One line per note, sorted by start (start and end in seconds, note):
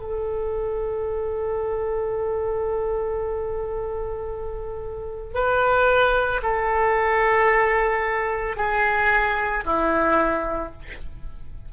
0.00 5.34 A4
5.34 6.41 B4
6.42 8.57 A4
8.57 9.64 G#4
9.65 10.72 E4